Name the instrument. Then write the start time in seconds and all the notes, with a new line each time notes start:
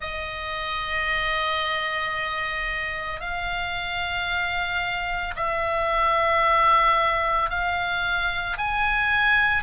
oboe
0.00 D#5
3.20 F5
5.36 E5
7.50 F5
8.57 G#5